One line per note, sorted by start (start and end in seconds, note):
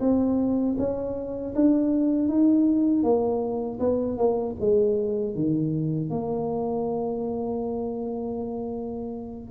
0.00 0.76 C4
0.78 1.54 C#4
1.55 2.29 D4
2.29 3.03 D#4
3.03 3.79 A#3
3.79 4.17 B3
4.17 4.55 A#3
4.60 5.35 G#3
5.35 6.10 D#3
6.10 9.50 A#3